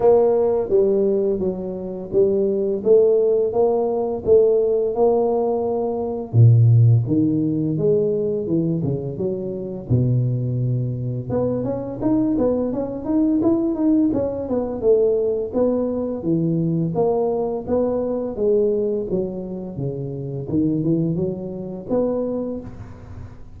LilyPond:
\new Staff \with { instrumentName = "tuba" } { \time 4/4 \tempo 4 = 85 ais4 g4 fis4 g4 | a4 ais4 a4 ais4~ | ais4 ais,4 dis4 gis4 | e8 cis8 fis4 b,2 |
b8 cis'8 dis'8 b8 cis'8 dis'8 e'8 dis'8 | cis'8 b8 a4 b4 e4 | ais4 b4 gis4 fis4 | cis4 dis8 e8 fis4 b4 | }